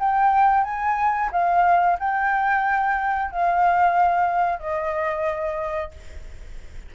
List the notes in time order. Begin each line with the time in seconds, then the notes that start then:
0.00 G5
0.64 G#5
1.33 F5
2.00 G5
3.31 F5
4.60 D#5